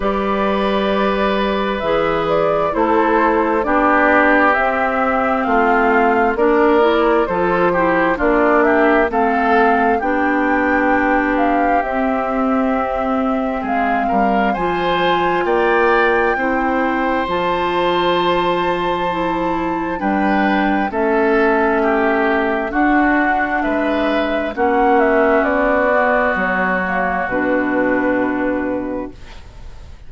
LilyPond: <<
  \new Staff \with { instrumentName = "flute" } { \time 4/4 \tempo 4 = 66 d''2 e''8 d''8 c''4 | d''4 e''4 f''4 d''4 | c''4 d''8 e''8 f''4 g''4~ | g''8 f''8 e''2 f''4 |
gis''4 g''2 a''4~ | a''2 g''4 e''4~ | e''4 fis''4 e''4 fis''8 e''8 | d''4 cis''4 b'2 | }
  \new Staff \with { instrumentName = "oboe" } { \time 4/4 b'2. a'4 | g'2 f'4 ais'4 | a'8 g'8 f'8 g'8 a'4 g'4~ | g'2. gis'8 ais'8 |
c''4 d''4 c''2~ | c''2 b'4 a'4 | g'4 fis'4 b'4 fis'4~ | fis'1 | }
  \new Staff \with { instrumentName = "clarinet" } { \time 4/4 g'2 gis'4 e'4 | d'4 c'2 d'8 e'8 | f'8 e'8 d'4 c'4 d'4~ | d'4 c'2. |
f'2 e'4 f'4~ | f'4 e'4 d'4 cis'4~ | cis'4 d'2 cis'4~ | cis'8 b4 ais8 d'2 | }
  \new Staff \with { instrumentName = "bassoon" } { \time 4/4 g2 e4 a4 | b4 c'4 a4 ais4 | f4 ais4 a4 b4~ | b4 c'2 gis8 g8 |
f4 ais4 c'4 f4~ | f2 g4 a4~ | a4 d'4 gis4 ais4 | b4 fis4 b,2 | }
>>